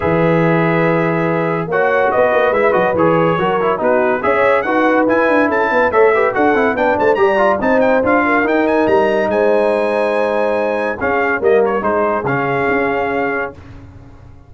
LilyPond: <<
  \new Staff \with { instrumentName = "trumpet" } { \time 4/4 \tempo 4 = 142 e''1 | fis''4 dis''4 e''8 dis''8 cis''4~ | cis''4 b'4 e''4 fis''4 | gis''4 a''4 e''4 fis''4 |
g''8 a''8 ais''4 a''8 g''8 f''4 | g''8 gis''8 ais''4 gis''2~ | gis''2 f''4 dis''8 cis''8 | c''4 f''2. | }
  \new Staff \with { instrumentName = "horn" } { \time 4/4 b'1 | cis''4 b'2. | ais'4 fis'4 cis''4 b'4~ | b'4 a'8 b'8 cis''8 b'8 a'4 |
b'8 c''8 d''4 c''4. ais'8~ | ais'2 c''2~ | c''2 gis'4 ais'4 | gis'1 | }
  \new Staff \with { instrumentName = "trombone" } { \time 4/4 gis'1 | fis'2 e'8 fis'8 gis'4 | fis'8 e'8 dis'4 gis'4 fis'4 | e'2 a'8 g'8 fis'8 e'8 |
d'4 g'8 f'8 dis'4 f'4 | dis'1~ | dis'2 cis'4 ais4 | dis'4 cis'2. | }
  \new Staff \with { instrumentName = "tuba" } { \time 4/4 e1 | ais4 b8 ais8 gis8 fis8 e4 | fis4 b4 cis'4 dis'4 | e'8 d'8 cis'8 b8 a4 d'8 c'8 |
b8 a8 g4 c'4 d'4 | dis'4 g4 gis2~ | gis2 cis'4 g4 | gis4 cis4 cis'2 | }
>>